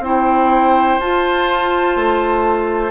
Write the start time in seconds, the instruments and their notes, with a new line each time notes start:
0.00 bassoon C4, clarinet E4, oboe C5, flute G5
1.00 bassoon F4, clarinet F4, flute A5
1.96 bassoon A3